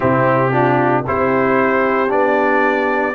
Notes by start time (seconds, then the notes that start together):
0.00 C3 C4 E4 G4
0.51 D4 F4
1.06 C4 E4 G4 C5
2.08 B3 D4 D5